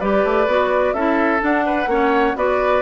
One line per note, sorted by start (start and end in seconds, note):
0.00 0.25 G3
0.00 0.48 G4
0.00 0.94 B4
0.00 0.94 D5
0.25 0.47 A3
0.47 0.94 B3
0.47 0.96 F#4
0.94 1.41 C#4
0.94 1.39 E4
0.94 1.65 A4
0.94 1.41 E5
1.39 1.87 D4
1.39 2.37 F#5
1.66 1.89 B4
1.87 2.34 A#3
1.87 2.36 C#4
1.87 2.37 C#5
2.36 2.82 B3
2.36 2.82 F#4
2.36 2.82 B4
2.36 2.82 D5